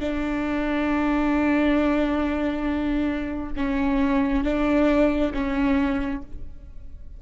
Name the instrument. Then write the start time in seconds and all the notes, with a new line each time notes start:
viola
0.00 D4
3.57 C#4
4.44 D4
5.34 C#4